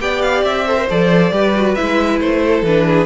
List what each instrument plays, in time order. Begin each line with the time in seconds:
0.00 cello B3, viola G4, violin D5 G5
0.21 violin F5
0.43 cello C4, violin E5
0.67 viola A4, violin C5
0.77 viola A#4
0.90 cello F3, viola A4, violin D5
1.31 cello G3, viola G4, violin B4
1.55 viola F#4
1.74 cello G#3, viola E4, violin E5
2.20 cello A3, violin C5
2.45 violin A4
2.62 cello E3, viola D4, violin B4
2.87 violin G#4